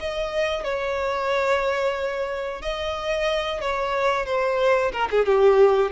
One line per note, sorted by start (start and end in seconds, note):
0.00 0.64 D#5
0.64 2.62 C#5
2.62 3.61 D#5
3.61 4.26 C#5
4.26 4.92 C5
4.92 5.09 A#4
5.11 5.25 G#4
5.25 5.91 G4